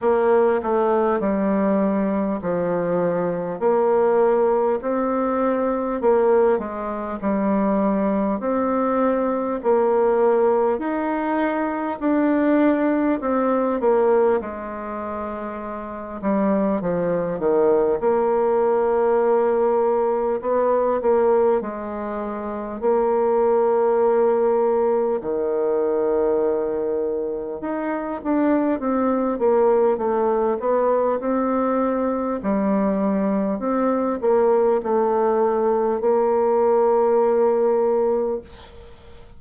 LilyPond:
\new Staff \with { instrumentName = "bassoon" } { \time 4/4 \tempo 4 = 50 ais8 a8 g4 f4 ais4 | c'4 ais8 gis8 g4 c'4 | ais4 dis'4 d'4 c'8 ais8 | gis4. g8 f8 dis8 ais4~ |
ais4 b8 ais8 gis4 ais4~ | ais4 dis2 dis'8 d'8 | c'8 ais8 a8 b8 c'4 g4 | c'8 ais8 a4 ais2 | }